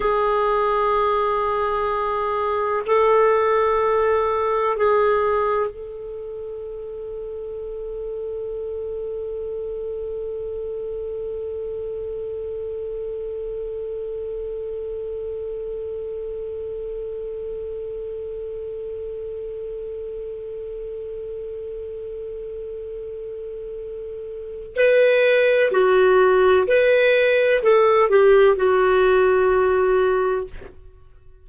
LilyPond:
\new Staff \with { instrumentName = "clarinet" } { \time 4/4 \tempo 4 = 63 gis'2. a'4~ | a'4 gis'4 a'2~ | a'1~ | a'1~ |
a'1~ | a'1~ | a'2 b'4 fis'4 | b'4 a'8 g'8 fis'2 | }